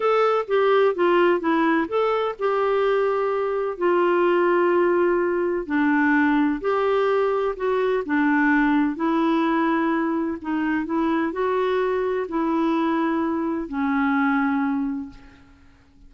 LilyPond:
\new Staff \with { instrumentName = "clarinet" } { \time 4/4 \tempo 4 = 127 a'4 g'4 f'4 e'4 | a'4 g'2. | f'1 | d'2 g'2 |
fis'4 d'2 e'4~ | e'2 dis'4 e'4 | fis'2 e'2~ | e'4 cis'2. | }